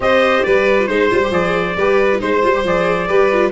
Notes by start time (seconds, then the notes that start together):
0.00 C4 G4 C5 D#5
0.43 G3 B4 D5
0.78 F4
0.86 G#3 D#4 C5
1.11 G3 F4
1.22 G4
1.30 F3 G#4 D5
1.76 G3 G4 B4
2.12 F4
2.18 G#3 D#4 C5
2.42 G3 F4
2.54 G4
2.63 F3 G#4 D5
3.07 G3 G4 B4
3.32 F4